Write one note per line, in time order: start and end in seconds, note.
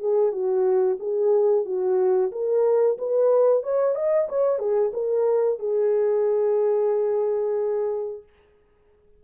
0.00 0.32 G#4
0.32 0.98 F#4
1.00 1.66 G#4
1.66 2.32 F#4
2.32 2.98 A#4
2.99 3.64 B4
3.64 3.96 C#5
3.96 4.29 D#5
4.29 4.59 C#5
4.59 4.92 G#4
4.94 5.60 A#4
5.60 8.24 G#4